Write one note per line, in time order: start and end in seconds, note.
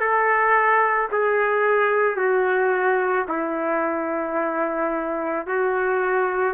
0.00 1.09 A4
1.12 2.17 G#4
2.17 3.26 F#4
3.29 5.47 E4
5.47 6.54 F#4